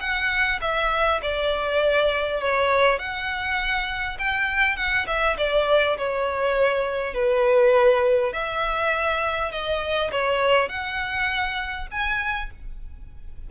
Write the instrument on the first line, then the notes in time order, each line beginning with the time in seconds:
violin
0.00 F#5
0.61 E5
1.22 D5
2.41 C#5
2.99 F#5
4.19 G5
4.76 F#5
5.07 E5
5.37 D5
5.97 C#5
7.14 B4
8.33 E5
9.51 D#5
10.12 C#5
10.69 F#5
11.91 G#5